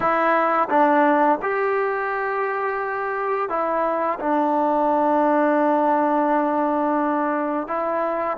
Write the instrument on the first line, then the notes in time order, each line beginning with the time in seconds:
trombone
0.00 E4
0.69 D4
1.41 G4
3.49 E4
4.19 D4
7.67 E4